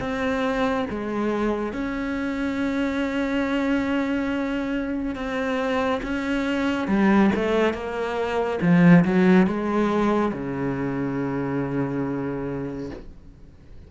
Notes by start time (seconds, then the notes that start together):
0.00 C4
0.90 G#3
1.73 C#4
5.15 C4
6.03 C#4
6.88 G3
7.35 A3
7.73 A#3
8.61 F3
9.05 F#3
9.47 G#3
10.33 C#3